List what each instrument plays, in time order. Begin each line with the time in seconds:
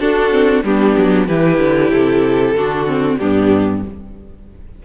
0.00 viola D4, cello D4, violin F#4 A4
0.31 viola C4
0.64 cello G3, viola B3, violin D4 G4
0.98 cello F#3
1.28 cello E3, viola E4, violin G4 B4
1.59 cello D3
1.90 cello C3, violin A4
2.55 cello D3, viola D4, violin F#4
2.87 viola C4
3.17 cello G2, viola B3, violin D4 G4